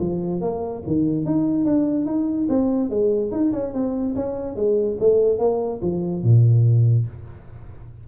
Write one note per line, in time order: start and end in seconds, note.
0.00 0.42 F3
0.42 0.83 A#3
0.87 1.26 D#3
1.26 1.66 D#4
1.66 2.06 D4
2.06 2.48 D#4
2.49 2.90 C4
2.90 3.32 G#3
3.32 3.53 D#4
3.53 3.74 C#4
3.74 4.16 C4
4.16 4.56 C#4
4.56 4.98 G#3
5.00 5.39 A3
5.39 5.81 A#3
5.82 6.24 F3
6.24 7.07 A#2